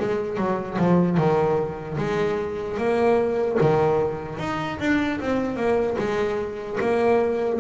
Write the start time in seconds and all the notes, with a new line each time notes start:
0.00 G#3
0.37 F#3
0.79 F3
1.18 D#3
1.98 G#3
2.78 A#3
3.61 D#3
4.39 D#4
4.80 D4
5.21 C4
5.57 A#3
5.99 G#3
6.81 A#3